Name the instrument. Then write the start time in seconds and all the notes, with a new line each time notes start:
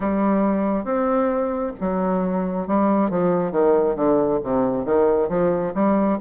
bassoon
0.00 G3
0.84 C4
1.80 F#3
2.67 G3
3.10 F3
3.51 D#3
3.95 D3
4.43 C3
4.85 D#3
5.29 F3
5.74 G3